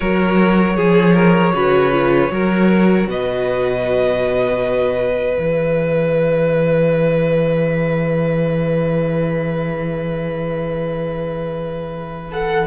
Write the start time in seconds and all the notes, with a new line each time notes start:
0.00 F#3 F#4 A#4 C#5
0.75 F3 G#4
1.14 A#4
1.53 C#3 F#4 B4
1.91 F4
2.30 F#3 F#4 A#4
3.07 B2 B4 D#5
5.37 E3 G#4 E5
12.31 A4 F#5